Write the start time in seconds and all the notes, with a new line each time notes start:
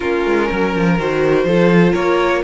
0.00 A#3 C#4 F4 A#4
0.25 G#3
0.48 F#3 A#4
0.75 F3
0.98 D#3 F#4 C5
1.44 F3 F4 A4
1.92 A#3 A#4 C#5